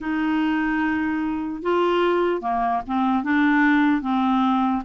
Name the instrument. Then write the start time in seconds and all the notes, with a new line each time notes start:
clarinet
0.00 D#4
1.62 F4
2.41 A#3
2.86 C4
3.23 D4
4.01 C4